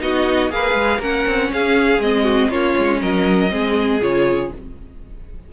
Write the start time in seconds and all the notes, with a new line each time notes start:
0.00 B3 D#4 F#4 D#5
0.49 A#3 G#4 B4 F5
0.73 G#3
0.98 A#3 C#4 A#4 F#5
1.26 C4
1.52 C#4 G#4 F5
1.98 G#3 C4 D#5
2.23 F#4
2.49 A#3 C#4 F4 C#5
2.77 G#3
3.01 F#3 A#4 D#5
3.49 G#3 C4 G#4
4.01 C#3 F4 C#5